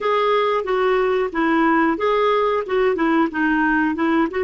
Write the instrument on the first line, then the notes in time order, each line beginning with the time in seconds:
clarinet
0.01 G#4
0.64 F#4
1.32 E4
1.98 G#4
2.66 F#4
2.95 E4
3.31 D#4
3.95 E4
4.30 F#4